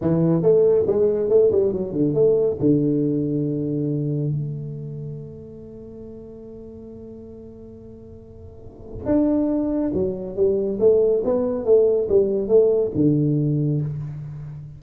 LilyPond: \new Staff \with { instrumentName = "tuba" } { \time 4/4 \tempo 4 = 139 e4 a4 gis4 a8 g8 | fis8 d8 a4 d2~ | d2 a2~ | a1~ |
a1~ | a4 d'2 fis4 | g4 a4 b4 a4 | g4 a4 d2 | }